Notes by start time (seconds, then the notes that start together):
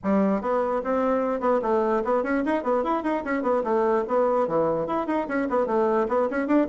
0.03 G3
0.41 B3
0.83 C4
1.40 B3
1.62 A3
2.04 B3
2.23 C#4
2.45 D#4
2.63 B3
2.83 E4
3.03 D#4
3.24 C#4
3.42 B3
3.63 A3
4.07 B3
4.47 E3
4.86 E4
5.07 D#4
5.27 C#4
5.49 B3
5.66 A3
6.08 B3
6.30 C#4
6.47 D4